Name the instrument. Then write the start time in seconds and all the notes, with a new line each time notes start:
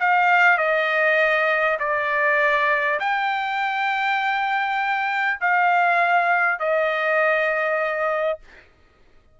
trumpet
0.00 F5
0.58 D#5
1.79 D5
3.00 G5
5.41 F5
6.59 D#5